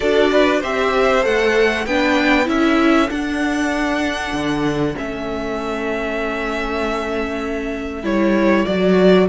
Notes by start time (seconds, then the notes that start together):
0.00 D4 F#4 A4 D5
0.32 B4
0.60 C4 G4 C5 E5
1.21 A3 A4 F#5
1.85 B3 D4 B4 G5
2.45 C#4 E4 A4 E5
3.09 D4 F#5
4.32 D3
4.96 A3 C#4 E5
8.03 G3 E4 C#5
8.65 F#3 F#4 D5